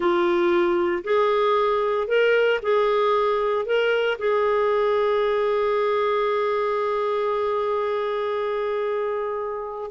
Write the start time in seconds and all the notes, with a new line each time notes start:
0.00 F4
1.03 G#4
2.07 A#4
2.62 G#4
3.65 A#4
4.18 G#4